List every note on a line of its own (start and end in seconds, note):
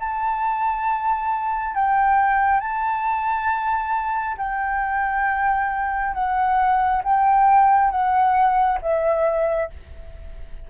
0.00 1.75 A5
1.75 2.61 G5
2.61 4.37 A5
4.38 6.14 G5
6.14 7.03 F#5
7.04 7.91 G5
7.91 8.79 F#5
8.82 9.70 E5